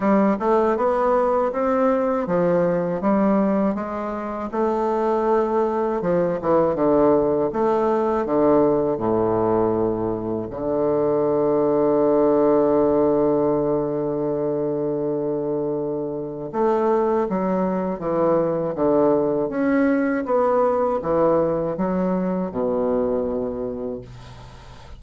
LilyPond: \new Staff \with { instrumentName = "bassoon" } { \time 4/4 \tempo 4 = 80 g8 a8 b4 c'4 f4 | g4 gis4 a2 | f8 e8 d4 a4 d4 | a,2 d2~ |
d1~ | d2 a4 fis4 | e4 d4 cis'4 b4 | e4 fis4 b,2 | }